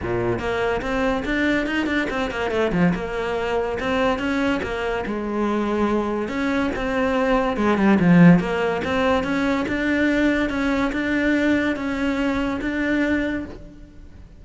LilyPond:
\new Staff \with { instrumentName = "cello" } { \time 4/4 \tempo 4 = 143 ais,4 ais4 c'4 d'4 | dis'8 d'8 c'8 ais8 a8 f8 ais4~ | ais4 c'4 cis'4 ais4 | gis2. cis'4 |
c'2 gis8 g8 f4 | ais4 c'4 cis'4 d'4~ | d'4 cis'4 d'2 | cis'2 d'2 | }